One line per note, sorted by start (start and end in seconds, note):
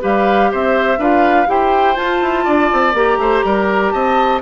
0.00 0.52 G3
0.00 0.98 G4
0.00 0.50 B4
0.00 0.52 F5
0.51 0.98 C4
0.51 0.99 C5
0.51 1.02 E5
0.98 1.47 D4
0.98 1.46 F4
0.98 1.48 B4
0.98 1.50 F5
1.46 1.97 E4
1.46 1.95 G4
1.46 2.44 C5
1.46 1.96 G5
1.95 2.93 F4
1.95 2.21 F4
1.95 2.94 A5
2.21 2.46 E4
2.44 2.71 D4
2.44 3.18 D5
2.72 2.93 C4
2.93 3.18 A#3
2.93 4.41 G4
2.93 3.91 A#5
3.18 3.42 A3
3.18 3.45 C5
3.44 3.93 G3
3.44 3.93 A#4
3.91 4.41 C4
3.91 4.41 D#5
3.91 4.40 A5